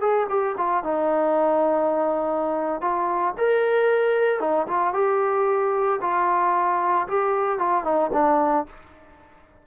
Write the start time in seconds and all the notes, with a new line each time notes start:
0.00 G#4
0.29 G4
0.57 F4
0.84 D#4
2.81 F4
3.37 A#4
4.40 D#4
4.67 F4
4.93 G4
6.01 F4
7.07 G4
7.59 F4
7.84 D#4
8.13 D4